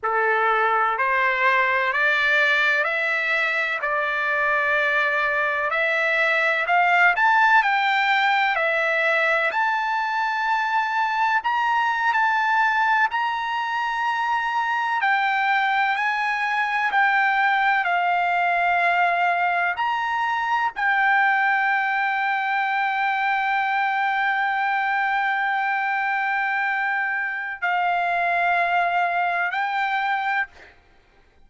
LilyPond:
\new Staff \with { instrumentName = "trumpet" } { \time 4/4 \tempo 4 = 63 a'4 c''4 d''4 e''4 | d''2 e''4 f''8 a''8 | g''4 e''4 a''2 | ais''8. a''4 ais''2 g''16~ |
g''8. gis''4 g''4 f''4~ f''16~ | f''8. ais''4 g''2~ g''16~ | g''1~ | g''4 f''2 g''4 | }